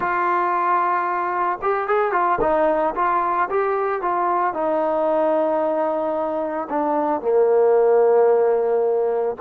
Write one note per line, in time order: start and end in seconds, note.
0.00 1.59 F4
1.61 1.87 G4
1.87 2.12 G#4
2.12 2.38 F4
2.40 2.94 D#4
2.95 3.48 F4
3.50 4.01 G4
4.01 4.53 F4
4.53 6.68 D#4
6.69 7.21 D4
7.21 9.35 A#3